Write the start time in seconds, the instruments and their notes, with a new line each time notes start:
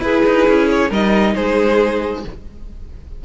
0.00 cello E4, viola E4, violin G#4 B4
0.26 cello D#4
0.48 cello C#4
0.69 violin C#5
0.90 cello G3, viola D#4, violin A#4 D#5
1.35 cello G#3, violin G#4 C5